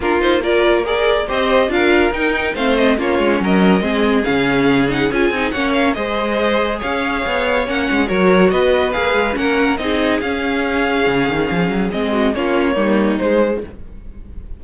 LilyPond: <<
  \new Staff \with { instrumentName = "violin" } { \time 4/4 \tempo 4 = 141 ais'8 c''8 d''4 ais'4 dis''4 | f''4 g''4 f''8 dis''8 cis''4 | dis''2 f''4. fis''8 | gis''4 fis''8 f''8 dis''2 |
f''2 fis''4 cis''4 | dis''4 f''4 fis''4 dis''4 | f''1 | dis''4 cis''2 c''4 | }
  \new Staff \with { instrumentName = "violin" } { \time 4/4 f'4 ais'4 d''4 c''4 | ais'2 c''4 f'4 | ais'4 gis'2.~ | gis'4 cis''4 c''2 |
cis''2. ais'4 | b'2 ais'4 gis'4~ | gis'1~ | gis'8 fis'8 f'4 dis'2 | }
  \new Staff \with { instrumentName = "viola" } { \time 4/4 d'8 dis'8 f'4 gis'4 g'4 | f'4 dis'4 c'4 cis'4~ | cis'4 c'4 cis'4. dis'8 | f'8 dis'8 cis'4 gis'2~ |
gis'2 cis'4 fis'4~ | fis'4 gis'4 cis'4 dis'4 | cis'1 | c'4 cis'4 ais4 gis4 | }
  \new Staff \with { instrumentName = "cello" } { \time 4/4 ais2. c'4 | d'4 dis'4 a4 ais8 gis8 | fis4 gis4 cis2 | cis'8 c'8 ais4 gis2 |
cis'4 b4 ais8 gis8 fis4 | b4 ais8 gis8 ais4 c'4 | cis'2 cis8 dis8 f8 fis8 | gis4 ais4 g4 gis4 | }
>>